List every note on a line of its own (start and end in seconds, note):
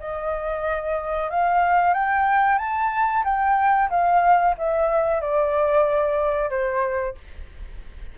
0.00 1.30 D#5
1.30 1.94 F5
1.94 2.58 G5
2.58 3.23 A5
3.24 3.90 G5
3.90 4.55 F5
4.58 5.21 E5
5.21 6.50 D5
6.50 7.15 C5